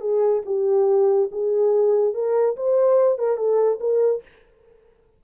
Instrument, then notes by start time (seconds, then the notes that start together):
horn
0.00 G#4
0.45 G4
1.31 G#4
2.13 A#4
2.56 C5
3.18 A#4
3.37 A4
3.80 A#4